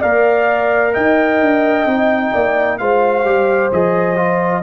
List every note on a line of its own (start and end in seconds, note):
0.00 0.96 A#3
0.00 1.87 A#4
0.00 0.92 D5
0.00 0.94 F5
0.94 1.41 D#4
0.94 2.32 D#5
0.94 2.78 G5
1.41 1.86 D4
1.86 2.32 C4
1.86 2.80 D#4
2.33 2.80 A#3
2.33 2.79 D5
2.78 3.25 G#3
2.78 3.25 F4
2.78 4.63 C5
2.78 3.71 F5
3.25 3.71 G3
3.25 3.71 G4
3.72 4.63 F3
3.72 4.16 G#4
3.72 4.63 D#5
4.16 4.62 F4